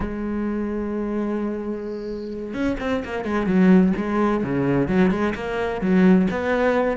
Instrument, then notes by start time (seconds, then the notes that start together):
cello
0.00 G#3
2.53 C#4
2.80 C4
3.04 A#3
3.25 G#3
3.46 F#3
3.96 G#3
4.43 C#3
4.88 F#3
5.10 G#3
5.34 A#3
5.81 F#3
6.30 B3